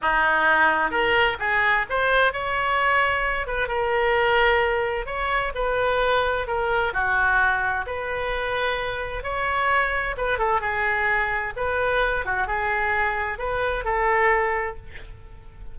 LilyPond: \new Staff \with { instrumentName = "oboe" } { \time 4/4 \tempo 4 = 130 dis'2 ais'4 gis'4 | c''4 cis''2~ cis''8 b'8 | ais'2. cis''4 | b'2 ais'4 fis'4~ |
fis'4 b'2. | cis''2 b'8 a'8 gis'4~ | gis'4 b'4. fis'8 gis'4~ | gis'4 b'4 a'2 | }